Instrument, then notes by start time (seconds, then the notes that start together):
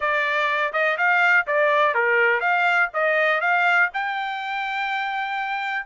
trumpet
0.00 D5
0.72 D#5
0.97 F5
1.47 D5
1.94 A#4
2.40 F5
2.93 D#5
3.40 F5
3.93 G5